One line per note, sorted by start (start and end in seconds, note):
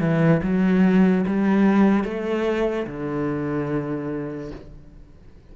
0.00 0.41 E3
0.43 1.25 F#3
1.26 2.04 G3
2.04 2.86 A3
2.87 4.51 D3